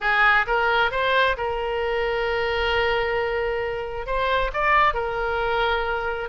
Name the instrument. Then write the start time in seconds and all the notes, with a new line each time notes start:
oboe
0.00 G#4
0.46 A#4
0.91 C5
1.37 A#4
4.06 C5
4.53 D5
4.93 A#4